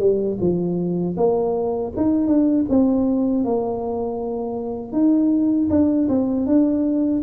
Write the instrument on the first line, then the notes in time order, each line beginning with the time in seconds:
tuba
0.00 G3
0.40 F3
1.17 A#3
1.97 D#4
2.28 D4
2.69 C4
3.45 A#3
4.93 D#4
5.70 D4
6.09 C4
6.47 D4